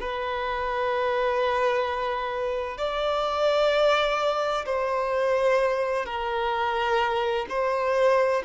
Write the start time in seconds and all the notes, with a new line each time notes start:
0.00 B4
2.77 D5
4.65 C5
6.05 A#4
7.49 C5